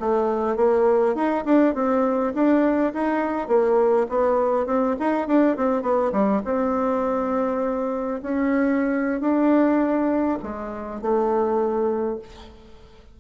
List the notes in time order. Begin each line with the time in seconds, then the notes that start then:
0.00 A3
0.57 A#3
1.15 D#4
1.45 D4
1.75 C4
2.34 D4
2.94 D#4
3.48 A#3
4.10 B3
4.67 C4
5.00 D#4
5.28 D4
5.57 C4
5.83 B3
6.13 G3
6.45 C4
8.22 C#4
9.21 D4
10.43 G#3
11.02 A3